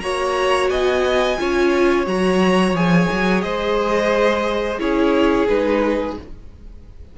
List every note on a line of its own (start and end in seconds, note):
0.00 0.70 A#3
0.00 1.38 F#4
0.00 0.71 C#5
0.00 0.68 A#5
0.70 1.39 B3
0.70 1.39 D#5
0.70 2.06 G#5
1.38 2.07 C#4
1.38 2.07 F4
1.38 3.45 C#5
2.07 2.73 F#3
2.07 2.75 F#4
2.07 2.76 A#5
2.73 3.08 F3
2.73 4.80 G#4
2.73 3.42 G#5
3.13 3.43 F#3
3.42 4.80 G#3
3.42 4.81 C5
3.42 4.78 D#5
4.80 5.49 C#4
4.80 5.48 E4
4.80 6.18 G#4
4.80 5.48 C#5
5.49 6.17 G#3
5.49 6.18 D#4
5.49 6.17 B4